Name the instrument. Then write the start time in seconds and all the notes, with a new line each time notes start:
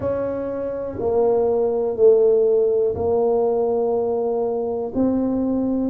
tuba
0.00 C#4
0.99 A#3
1.96 A3
2.95 A#3
4.94 C4